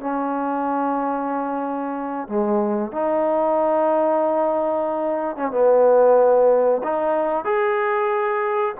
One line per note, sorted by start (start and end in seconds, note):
0.00 2.28 C#4
2.28 2.92 G#3
2.92 5.36 D#4
5.36 5.51 C#4
5.51 6.82 B3
6.83 7.44 D#4
7.44 8.75 G#4